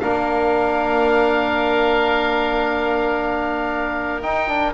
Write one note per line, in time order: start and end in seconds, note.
0.00 4.24 A#3
0.00 4.23 D4
0.00 4.74 A#4
0.00 4.23 F5
4.23 4.48 D#4
4.23 4.74 D#4
4.23 4.74 G5
4.48 4.74 D4